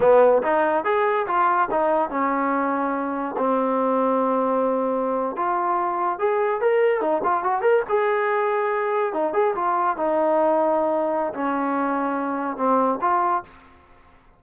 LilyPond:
\new Staff \with { instrumentName = "trombone" } { \time 4/4 \tempo 4 = 143 b4 dis'4 gis'4 f'4 | dis'4 cis'2. | c'1~ | c'8. f'2 gis'4 ais'16~ |
ais'8. dis'8 f'8 fis'8 ais'8 gis'4~ gis'16~ | gis'4.~ gis'16 dis'8 gis'8 f'4 dis'16~ | dis'2. cis'4~ | cis'2 c'4 f'4 | }